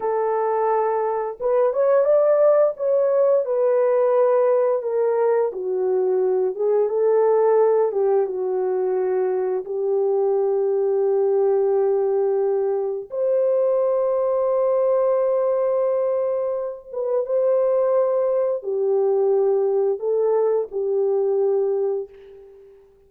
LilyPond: \new Staff \with { instrumentName = "horn" } { \time 4/4 \tempo 4 = 87 a'2 b'8 cis''8 d''4 | cis''4 b'2 ais'4 | fis'4. gis'8 a'4. g'8 | fis'2 g'2~ |
g'2. c''4~ | c''1~ | c''8 b'8 c''2 g'4~ | g'4 a'4 g'2 | }